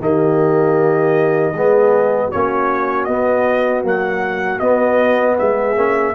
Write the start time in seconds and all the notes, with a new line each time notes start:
0.00 D#3 A#3 G4 D#5
1.54 G#3 B3 G#4
2.26 F#4 C#5
2.33 A#3 C#4
3.05 B3 D#5
3.84 F#3 A#3 F#5
4.59 B3 D#5
5.38 G#3 G#4 E5
5.76 A#3 C#4